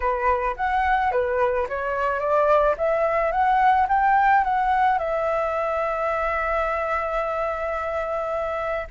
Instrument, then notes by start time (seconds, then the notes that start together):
flute
0.00 B4
0.56 F#5
1.11 B4
1.68 C#5
2.19 D5
2.77 E5
3.31 F#5
3.88 G5
4.44 F#5
4.98 E5